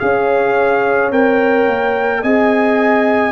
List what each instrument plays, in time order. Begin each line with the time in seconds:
0.00 tuba C#4, trombone G#4, horn C#5, trumpet F5
1.11 tuba C4, trombone A#4, trumpet G5
1.67 tuba A#3
2.22 tuba C4, trombone G#4, horn D#5, trumpet G#5